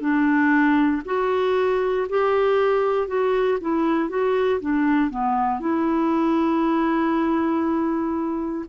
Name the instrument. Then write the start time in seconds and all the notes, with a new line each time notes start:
clarinet
0.00 D4
1.05 F#4
2.09 G4
3.07 F#4
3.60 E4
4.09 F#4
4.60 D4
5.10 B3
5.60 E4